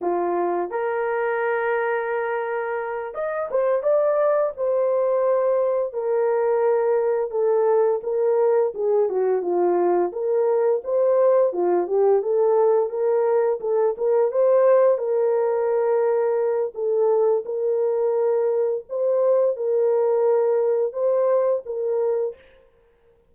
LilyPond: \new Staff \with { instrumentName = "horn" } { \time 4/4 \tempo 4 = 86 f'4 ais'2.~ | ais'8 dis''8 c''8 d''4 c''4.~ | c''8 ais'2 a'4 ais'8~ | ais'8 gis'8 fis'8 f'4 ais'4 c''8~ |
c''8 f'8 g'8 a'4 ais'4 a'8 | ais'8 c''4 ais'2~ ais'8 | a'4 ais'2 c''4 | ais'2 c''4 ais'4 | }